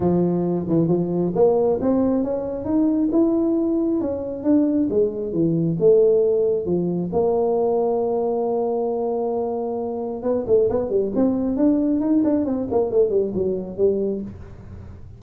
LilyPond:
\new Staff \with { instrumentName = "tuba" } { \time 4/4 \tempo 4 = 135 f4. e8 f4 ais4 | c'4 cis'4 dis'4 e'4~ | e'4 cis'4 d'4 gis4 | e4 a2 f4 |
ais1~ | ais2. b8 a8 | b8 g8 c'4 d'4 dis'8 d'8 | c'8 ais8 a8 g8 fis4 g4 | }